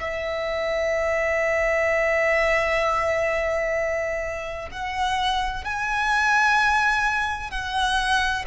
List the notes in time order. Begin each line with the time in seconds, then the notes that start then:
0.00 E5
4.71 F#5
5.65 G#5
7.51 F#5